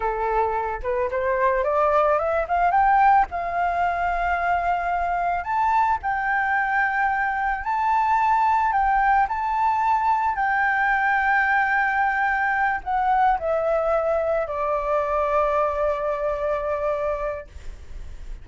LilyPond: \new Staff \with { instrumentName = "flute" } { \time 4/4 \tempo 4 = 110 a'4. b'8 c''4 d''4 | e''8 f''8 g''4 f''2~ | f''2 a''4 g''4~ | g''2 a''2 |
g''4 a''2 g''4~ | g''2.~ g''8 fis''8~ | fis''8 e''2 d''4.~ | d''1 | }